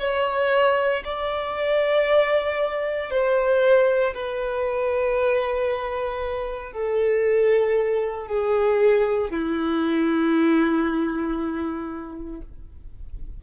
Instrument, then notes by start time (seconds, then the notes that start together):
violin
0.00 C#5
1.04 D5
3.11 C5
4.14 B4
6.72 A4
8.27 G#4
9.31 E4